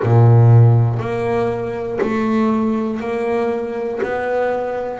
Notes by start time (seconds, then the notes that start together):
0.02 A#2
0.99 A#3
2.01 A3
3.00 A#3
4.02 B3